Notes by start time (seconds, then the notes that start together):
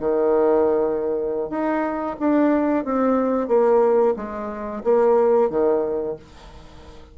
0.00 D#3
1.50 D#4
2.20 D4
2.85 C4
3.48 A#3
4.17 G#3
4.84 A#3
5.50 D#3